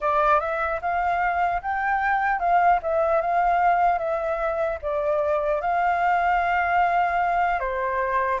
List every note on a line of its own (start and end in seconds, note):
0.00 0.40 D5
0.40 0.80 E5
0.81 1.61 F5
1.61 2.39 G5
2.39 2.79 F5
2.82 3.21 E5
3.21 3.98 F5
3.98 4.78 E5
4.82 5.61 D5
5.61 7.59 F5
7.59 8.39 C5